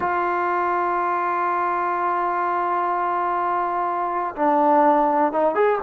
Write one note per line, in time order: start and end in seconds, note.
0.00 4.35 F4
4.36 5.32 D4
5.32 5.54 D#4
5.54 5.78 G#4